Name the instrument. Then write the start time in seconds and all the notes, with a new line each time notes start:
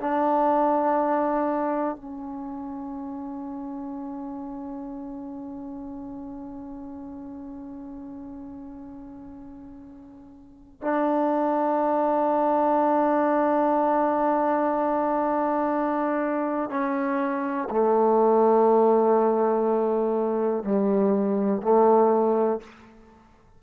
trombone
0.00 D4
1.96 C#4
10.82 D4
16.70 C#4
17.70 A3
20.64 G3
21.62 A3